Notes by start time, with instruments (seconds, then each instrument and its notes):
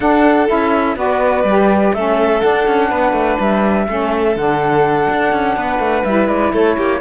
0.00 cello D4, saxophone D4, violin A4, flute F#5
0.47 cello C#4, saxophone E4, flute E5
0.95 cello B3, saxophone F#4, violin B4, flute D5
1.43 cello G3, saxophone G4
1.93 cello A3, saxophone C#4, violin A4, flute E5
2.40 saxophone D4, cello D4, flute F#5
2.67 cello C#4
2.89 cello B3, violin B4
3.12 cello A3
3.39 cello G3, flute E5
3.87 cello A3, saxophone C#4, violin A4
4.35 cello D3, saxophone D4, flute F#5
5.09 cello D4
5.32 cello C#4
5.56 cello B3, violin B4
5.79 cello A3
6.04 cello G3, saxophone E4, flute E5
6.28 cello G#3, flute D5
6.52 cello A3, violin A4, flute C#5
6.77 cello A#3, violin G4